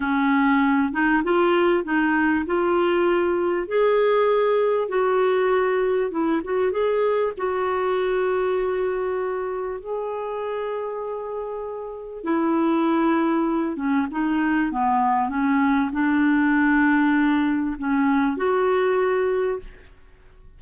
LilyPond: \new Staff \with { instrumentName = "clarinet" } { \time 4/4 \tempo 4 = 98 cis'4. dis'8 f'4 dis'4 | f'2 gis'2 | fis'2 e'8 fis'8 gis'4 | fis'1 |
gis'1 | e'2~ e'8 cis'8 dis'4 | b4 cis'4 d'2~ | d'4 cis'4 fis'2 | }